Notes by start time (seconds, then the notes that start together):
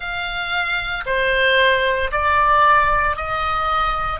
0.00 F5
1.05 C5
2.11 D5
3.16 D#5